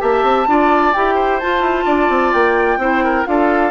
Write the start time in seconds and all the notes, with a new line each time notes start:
0.00 A#3 G4 E5 A5
0.23 C4
0.47 D4 F4 D5
0.93 E4 G4 G5
1.15 C5
1.40 F4 A5
1.60 E4
1.85 D4 D5
2.09 C4
2.33 A#3 G5
2.77 C4 E4 C5
3.04 A#4
3.25 D4 F4 A4 F5